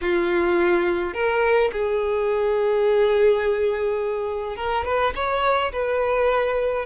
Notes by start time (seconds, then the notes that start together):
0.01 F4
1.13 A#4
1.72 G#4
4.56 A#4
4.84 B4
5.15 C#5
5.72 B4